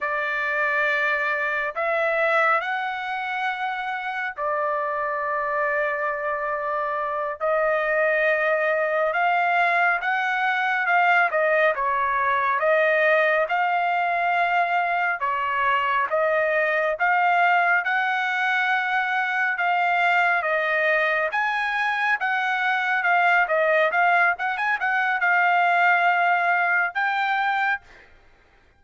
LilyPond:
\new Staff \with { instrumentName = "trumpet" } { \time 4/4 \tempo 4 = 69 d''2 e''4 fis''4~ | fis''4 d''2.~ | d''8 dis''2 f''4 fis''8~ | fis''8 f''8 dis''8 cis''4 dis''4 f''8~ |
f''4. cis''4 dis''4 f''8~ | f''8 fis''2 f''4 dis''8~ | dis''8 gis''4 fis''4 f''8 dis''8 f''8 | fis''16 gis''16 fis''8 f''2 g''4 | }